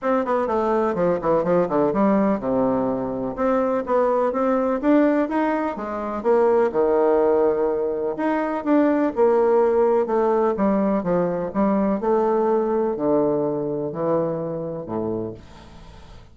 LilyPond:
\new Staff \with { instrumentName = "bassoon" } { \time 4/4 \tempo 4 = 125 c'8 b8 a4 f8 e8 f8 d8 | g4 c2 c'4 | b4 c'4 d'4 dis'4 | gis4 ais4 dis2~ |
dis4 dis'4 d'4 ais4~ | ais4 a4 g4 f4 | g4 a2 d4~ | d4 e2 a,4 | }